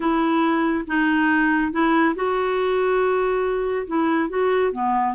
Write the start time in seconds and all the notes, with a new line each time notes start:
0.00 E4
0.87 D#4
1.72 E4
2.15 F#4
3.87 E4
4.29 F#4
4.72 B3